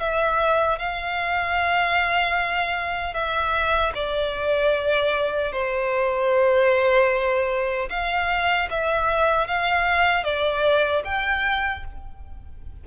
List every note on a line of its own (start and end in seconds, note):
0.00 0.79 E5
0.79 3.14 F5
3.14 3.93 E5
3.95 5.52 D5
5.52 7.89 C5
7.89 8.68 F5
8.70 9.47 E5
9.47 10.24 F5
10.24 11.03 D5
11.05 11.84 G5